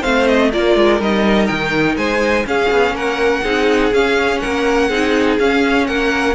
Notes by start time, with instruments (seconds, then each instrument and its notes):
0.00 cello A3, viola C4, violin C5 F5
0.27 violin D#5
0.52 cello A#3, viola F4, violin A#4 D5
0.76 cello G#3
1.00 cello G3, viola D#4, violin D#5
1.47 cello D#3, violin G5
1.97 cello G#3, violin C5 G#5
2.46 viola C#4, cello C#4, violin G#4 F5
2.71 cello B3
2.91 cello A#3, violin A#4 F#5
3.44 cello C4, viola D#4, violin G#4
3.93 viola C#4, cello C#4, violin F5
4.39 cello A#3, violin A#4 F#5
4.89 cello C4, viola D#4, violin G#4
5.39 cello C#4, viola C#4, violin F5
5.87 cello A#3, violin A#4 F#5